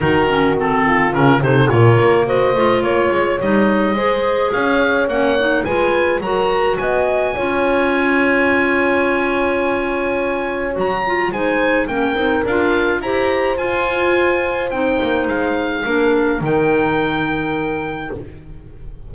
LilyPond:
<<
  \new Staff \with { instrumentName = "oboe" } { \time 4/4 \tempo 4 = 106 ais'4 a'4 ais'8 c''8 cis''4 | dis''4 cis''4 dis''2 | f''4 fis''4 gis''4 ais''4 | gis''1~ |
gis''2. ais''4 | gis''4 g''4 f''4 ais''4 | gis''2 g''4 f''4~ | f''4 g''2. | }
  \new Staff \with { instrumentName = "horn" } { \time 4/4 fis'4. f'4 a'8 ais'4 | c''4 cis''2 c''4 | cis''2 b'4 ais'4 | dis''4 cis''2.~ |
cis''1 | c''4 ais'2 c''4~ | c''1 | ais'1 | }
  \new Staff \with { instrumentName = "clarinet" } { \time 4/4 dis'8 cis'8 c'4 cis'8 dis'8 f'4 | fis'8 f'4. dis'4 gis'4~ | gis'4 cis'8 dis'8 f'4 fis'4~ | fis'4 f'2.~ |
f'2. fis'8 f'8 | dis'4 cis'8 dis'8 f'4 g'4 | f'2 dis'2 | d'4 dis'2. | }
  \new Staff \with { instrumentName = "double bass" } { \time 4/4 dis2 cis8 c8 ais,8 ais8~ | ais8 a8 ais8 gis8 g4 gis4 | cis'4 ais4 gis4 fis4 | b4 cis'2.~ |
cis'2. fis4 | gis4 ais8 c'8 d'4 e'4 | f'2 c'8 ais8 gis4 | ais4 dis2. | }
>>